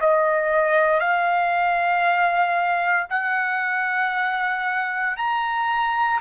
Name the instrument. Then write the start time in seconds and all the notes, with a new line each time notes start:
trumpet
0.00 D#5
0.99 F5
3.09 F#5
5.16 A#5